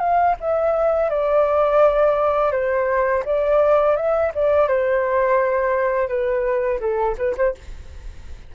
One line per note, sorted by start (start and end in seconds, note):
0.00 0.36 F5
0.41 1.10 E5
1.10 2.52 D5
2.52 3.24 C5
3.25 3.96 D5
3.96 4.32 E5
4.35 4.68 D5
4.68 6.08 C5
6.08 6.80 B4
6.80 7.16 A4
7.18 7.36 B4
7.37 7.55 C5